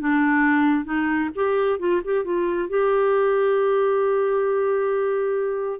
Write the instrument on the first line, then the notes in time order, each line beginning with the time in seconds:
clarinet
0.00 D4
0.85 D#4
1.35 G4
1.79 F4
2.04 G4
2.24 F4
2.69 G4